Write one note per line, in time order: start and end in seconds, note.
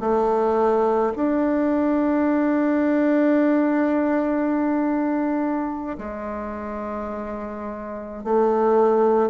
0.00 1.13 A3
1.16 5.97 D4
5.98 8.24 G#3
8.24 9.30 A3